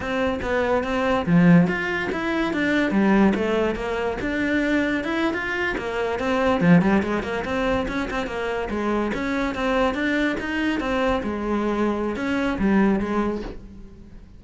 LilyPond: \new Staff \with { instrumentName = "cello" } { \time 4/4 \tempo 4 = 143 c'4 b4 c'4 f4 | f'4 e'4 d'4 g4 | a4 ais4 d'2 | e'8. f'4 ais4 c'4 f16~ |
f16 g8 gis8 ais8 c'4 cis'8 c'8 ais16~ | ais8. gis4 cis'4 c'4 d'16~ | d'8. dis'4 c'4 gis4~ gis16~ | gis4 cis'4 g4 gis4 | }